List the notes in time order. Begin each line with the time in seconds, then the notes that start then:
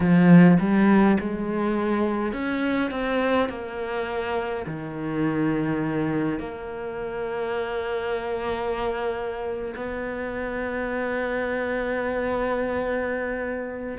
0.00 F3
0.59 G3
1.20 G#3
2.32 C#4
2.90 C4
3.49 A#3
4.66 D#3
6.39 A#3
9.75 B3